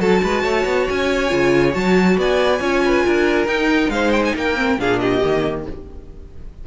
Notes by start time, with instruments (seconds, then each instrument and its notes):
0.00 cello F#3, viola F#4, violin A4 A5
0.22 cello G#3, violin B4
0.43 cello A3, violin C#5
0.66 cello B3
0.89 cello C#4, violin G#5
1.29 cello C#3, viola F4
1.73 cello F#3, viola F#4, violin A5
2.17 cello B3, violin D5 G#5
2.60 cello C#4, viola F4, violin C#5
2.85 violin B4
3.06 cello D4, violin A#4
3.47 cello D#4, viola D#4, violin G5
3.89 cello G#3, violin C5 F5
4.12 violin G5
4.25 violin G#5
4.36 cello A#3, violin A#4 G5
4.56 viola C4
4.78 cello A#2, viola D4, violin G#4 F5
4.99 violin G4 D#5
5.23 cello D#3, viola A#3